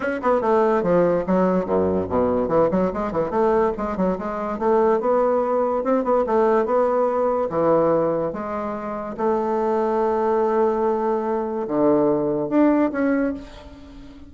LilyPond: \new Staff \with { instrumentName = "bassoon" } { \time 4/4 \tempo 4 = 144 cis'8 b8 a4 f4 fis4 | fis,4 b,4 e8 fis8 gis8 e8 | a4 gis8 fis8 gis4 a4 | b2 c'8 b8 a4 |
b2 e2 | gis2 a2~ | a1 | d2 d'4 cis'4 | }